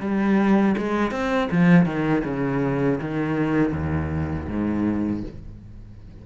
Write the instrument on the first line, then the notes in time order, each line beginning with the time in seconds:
cello
0.00 G3
0.77 G#3
1.11 C4
1.51 F3
1.85 D#3
2.24 C#3
3.01 D#3
3.73 D#2
4.48 G#2